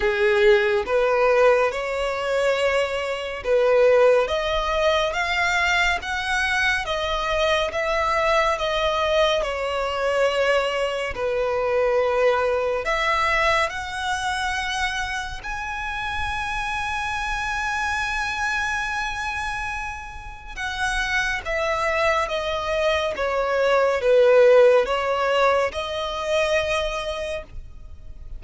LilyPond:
\new Staff \with { instrumentName = "violin" } { \time 4/4 \tempo 4 = 70 gis'4 b'4 cis''2 | b'4 dis''4 f''4 fis''4 | dis''4 e''4 dis''4 cis''4~ | cis''4 b'2 e''4 |
fis''2 gis''2~ | gis''1 | fis''4 e''4 dis''4 cis''4 | b'4 cis''4 dis''2 | }